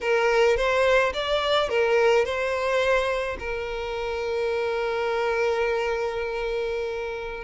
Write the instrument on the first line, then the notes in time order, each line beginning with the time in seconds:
violin
0.00 A#4
0.56 C5
1.13 D5
1.69 A#4
2.25 C5
3.39 A#4